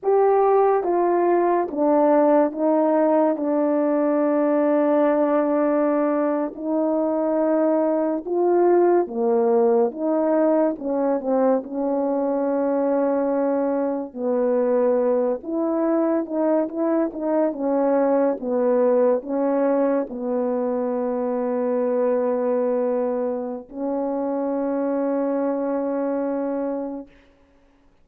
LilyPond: \new Staff \with { instrumentName = "horn" } { \time 4/4 \tempo 4 = 71 g'4 f'4 d'4 dis'4 | d'2.~ d'8. dis'16~ | dis'4.~ dis'16 f'4 ais4 dis'16~ | dis'8. cis'8 c'8 cis'2~ cis'16~ |
cis'8. b4. e'4 dis'8 e'16~ | e'16 dis'8 cis'4 b4 cis'4 b16~ | b1 | cis'1 | }